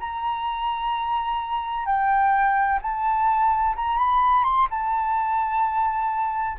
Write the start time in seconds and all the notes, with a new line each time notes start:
0.00 A#5
1.86 G5
2.82 A5
3.76 A#5
3.98 B5
4.44 C6
4.70 A5